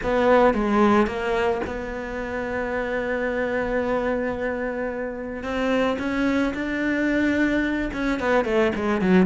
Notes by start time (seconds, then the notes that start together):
0.03 B3
0.54 G#3
1.06 A#3
1.66 B3
5.43 C4
5.99 C#4
6.54 D4
7.93 C#4
8.19 B3
8.44 A3
8.75 G#3
9.01 F#3